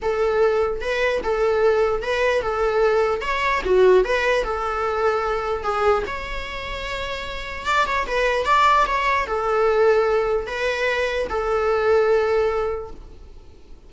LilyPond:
\new Staff \with { instrumentName = "viola" } { \time 4/4 \tempo 4 = 149 a'2 b'4 a'4~ | a'4 b'4 a'2 | cis''4 fis'4 b'4 a'4~ | a'2 gis'4 cis''4~ |
cis''2. d''8 cis''8 | b'4 d''4 cis''4 a'4~ | a'2 b'2 | a'1 | }